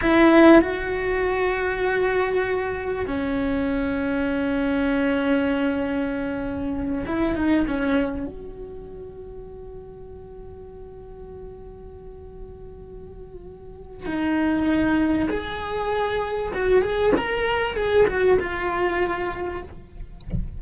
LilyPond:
\new Staff \with { instrumentName = "cello" } { \time 4/4 \tempo 4 = 98 e'4 fis'2.~ | fis'4 cis'2.~ | cis'2.~ cis'8 e'8 | dis'8 cis'4 fis'2~ fis'8~ |
fis'1~ | fis'2. dis'4~ | dis'4 gis'2 fis'8 gis'8 | ais'4 gis'8 fis'8 f'2 | }